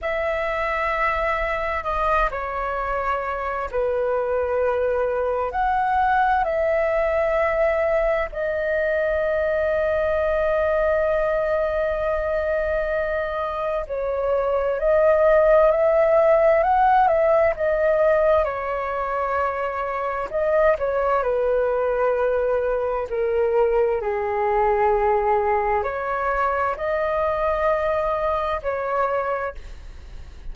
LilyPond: \new Staff \with { instrumentName = "flute" } { \time 4/4 \tempo 4 = 65 e''2 dis''8 cis''4. | b'2 fis''4 e''4~ | e''4 dis''2.~ | dis''2. cis''4 |
dis''4 e''4 fis''8 e''8 dis''4 | cis''2 dis''8 cis''8 b'4~ | b'4 ais'4 gis'2 | cis''4 dis''2 cis''4 | }